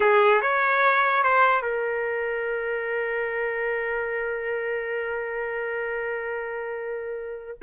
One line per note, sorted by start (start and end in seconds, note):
0.00 0.41 G#4
0.41 1.23 C#5
1.23 1.62 C5
1.62 7.57 A#4